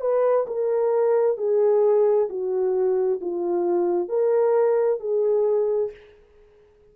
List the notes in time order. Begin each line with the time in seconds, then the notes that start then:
0.00 B4
0.47 A#4
1.37 G#4
2.29 F#4
3.21 F4
4.08 A#4
5.00 G#4